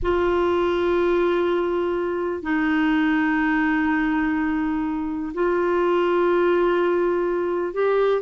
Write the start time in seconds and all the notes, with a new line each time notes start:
0.02 F4
2.42 D#4
5.34 F4
7.73 G4